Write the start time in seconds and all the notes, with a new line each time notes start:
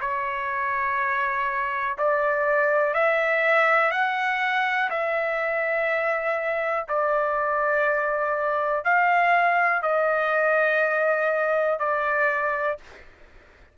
0.00 C#5
1.98 D5
2.94 E5
3.91 F#5
4.90 E5
6.89 D5
8.84 F5
9.82 D#5
11.79 D5